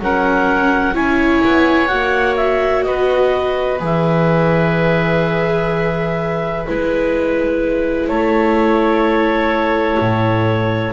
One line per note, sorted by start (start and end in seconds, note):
0.00 0.95 F#3
0.00 0.94 C#4
0.00 0.95 A#4
0.00 0.96 F#5
0.94 1.42 C#4
0.94 1.88 E4
0.94 2.86 C#5
0.94 1.87 G#5
1.44 1.92 B3
1.87 2.87 A#3
1.87 3.79 F#4
1.87 2.35 F#5
2.36 2.83 E5
2.83 3.81 B3
2.83 8.09 B4
2.83 3.79 D#5
3.80 6.66 E3
3.80 6.65 G#4
3.80 6.66 E5
6.66 8.08 G#3
6.66 10.93 E4
6.66 8.09 B4
8.08 9.98 A3
8.08 10.93 A4
8.08 10.93 C#5
10.00 10.93 A2